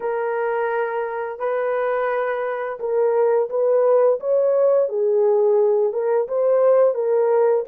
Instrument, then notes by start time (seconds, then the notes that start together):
horn
0.00 A#4
1.39 B4
2.79 A#4
3.49 B4
4.20 C#5
4.88 G#4
5.92 A#4
6.28 C5
6.94 A#4